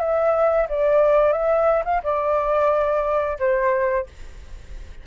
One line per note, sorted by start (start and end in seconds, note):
0.00 0.67 E5
0.69 1.33 D5
1.33 1.83 E5
1.85 2.02 F5
2.03 3.38 D5
3.39 4.07 C5